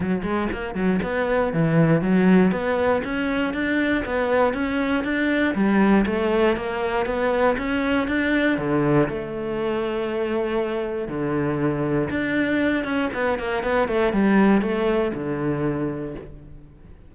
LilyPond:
\new Staff \with { instrumentName = "cello" } { \time 4/4 \tempo 4 = 119 fis8 gis8 ais8 fis8 b4 e4 | fis4 b4 cis'4 d'4 | b4 cis'4 d'4 g4 | a4 ais4 b4 cis'4 |
d'4 d4 a2~ | a2 d2 | d'4. cis'8 b8 ais8 b8 a8 | g4 a4 d2 | }